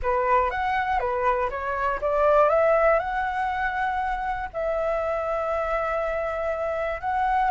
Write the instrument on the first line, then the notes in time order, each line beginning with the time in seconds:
flute
0.02 B4
0.50 F#5
0.99 B4
1.50 C#5
2.01 D5
2.49 E5
2.99 F#5
4.52 E5
7.00 F#5